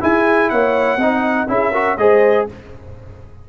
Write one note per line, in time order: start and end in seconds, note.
0.00 0.98 E4
0.00 0.51 E4
0.00 0.51 G#4
0.00 0.49 G#5
0.49 0.97 A#3
0.49 0.98 C#5
0.49 1.48 F#5
0.97 1.46 C4
0.97 1.48 D#4
0.97 1.48 D#5
1.48 1.97 C#4
1.48 1.72 E4
1.48 1.72 G#4
1.48 1.97 E5
1.72 1.98 F#4
1.72 1.96 A#4
1.97 2.47 G#3
1.97 2.48 G#4
1.97 2.49 C5
1.97 2.47 D#5